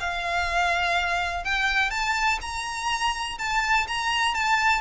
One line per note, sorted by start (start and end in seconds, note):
0.00 1.44 F5
1.44 1.90 G5
1.90 2.39 A5
2.41 3.38 A#5
3.39 3.87 A5
3.88 4.34 A#5
4.34 4.81 A5